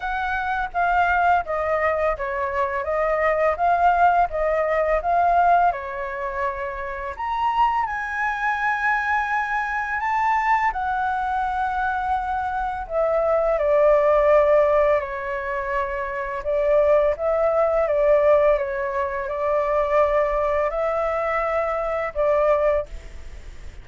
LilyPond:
\new Staff \with { instrumentName = "flute" } { \time 4/4 \tempo 4 = 84 fis''4 f''4 dis''4 cis''4 | dis''4 f''4 dis''4 f''4 | cis''2 ais''4 gis''4~ | gis''2 a''4 fis''4~ |
fis''2 e''4 d''4~ | d''4 cis''2 d''4 | e''4 d''4 cis''4 d''4~ | d''4 e''2 d''4 | }